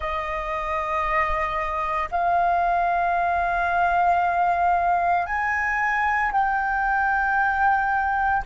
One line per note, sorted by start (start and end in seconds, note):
0.00 2.09 D#5
2.11 5.26 F5
5.26 6.32 G#5
6.32 8.42 G5